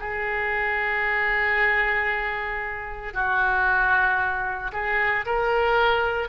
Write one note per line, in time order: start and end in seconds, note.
0.00 3.14 G#4
3.14 4.72 F#4
4.73 5.25 G#4
5.26 6.29 A#4